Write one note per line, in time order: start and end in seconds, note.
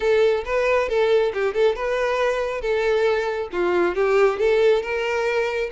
0.00 0.44 A4
0.45 0.88 B4
0.88 1.32 A4
1.33 1.54 G4
1.54 1.75 A4
1.75 2.61 B4
2.61 3.48 A4
3.52 3.95 F4
3.95 4.38 G4
4.38 4.82 A4
4.82 5.70 A#4